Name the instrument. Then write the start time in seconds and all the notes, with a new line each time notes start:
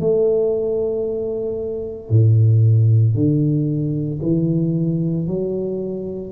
tuba
0.00 A3
2.10 A2
3.15 D3
4.22 E3
5.27 F#3